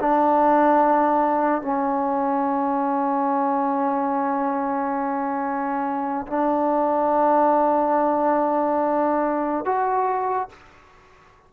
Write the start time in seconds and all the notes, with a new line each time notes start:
0.00 D4
1.62 C#4
6.27 D4
9.65 F#4